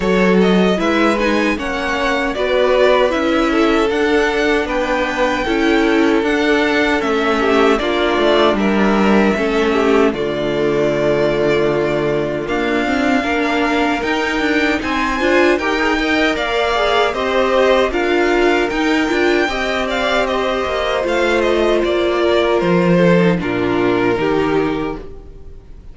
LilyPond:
<<
  \new Staff \with { instrumentName = "violin" } { \time 4/4 \tempo 4 = 77 cis''8 dis''8 e''8 gis''8 fis''4 d''4 | e''4 fis''4 g''2 | fis''4 e''4 d''4 e''4~ | e''4 d''2. |
f''2 g''4 gis''4 | g''4 f''4 dis''4 f''4 | g''4. f''8 dis''4 f''8 dis''8 | d''4 c''4 ais'2 | }
  \new Staff \with { instrumentName = "violin" } { \time 4/4 a'4 b'4 cis''4 b'4~ | b'8 a'4. b'4 a'4~ | a'4. g'8 f'4 ais'4 | a'8 g'8 f'2.~ |
f'4 ais'2 c''4 | ais'8 dis''8 d''4 c''4 ais'4~ | ais'4 dis''8 d''8 c''2~ | c''8 ais'4 a'8 f'4 g'4 | }
  \new Staff \with { instrumentName = "viola" } { \time 4/4 fis'4 e'8 dis'8 cis'4 fis'4 | e'4 d'2 e'4 | d'4 cis'4 d'2 | cis'4 a2. |
ais8 c'8 d'4 dis'4. f'8 | g'16 gis'16 ais'4 gis'8 g'4 f'4 | dis'8 f'8 g'2 f'4~ | f'4.~ f'16 dis'16 d'4 dis'4 | }
  \new Staff \with { instrumentName = "cello" } { \time 4/4 fis4 gis4 ais4 b4 | cis'4 d'4 b4 cis'4 | d'4 a4 ais8 a8 g4 | a4 d2. |
d'4 ais4 dis'8 d'8 c'8 d'8 | dis'4 ais4 c'4 d'4 | dis'8 d'8 c'4. ais8 a4 | ais4 f4 ais,4 dis4 | }
>>